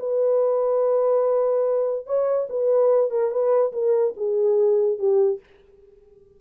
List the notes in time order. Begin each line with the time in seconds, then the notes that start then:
0.00 B4
2.07 C#5
2.50 B4
3.11 A#4
3.31 B4
3.73 A#4
4.17 G#4
4.99 G4